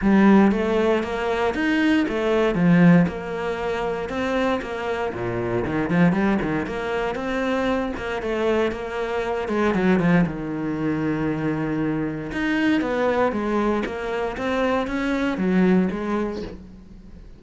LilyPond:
\new Staff \with { instrumentName = "cello" } { \time 4/4 \tempo 4 = 117 g4 a4 ais4 dis'4 | a4 f4 ais2 | c'4 ais4 ais,4 dis8 f8 | g8 dis8 ais4 c'4. ais8 |
a4 ais4. gis8 fis8 f8 | dis1 | dis'4 b4 gis4 ais4 | c'4 cis'4 fis4 gis4 | }